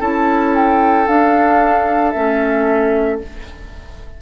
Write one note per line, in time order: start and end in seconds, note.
0.00 1.08 C#4
0.00 1.07 E4
0.00 3.21 A4
0.00 0.55 A5
0.55 1.08 G5
1.07 2.15 D4
1.07 2.11 F5
2.11 3.22 A3
2.11 3.22 C#4
2.11 3.19 E5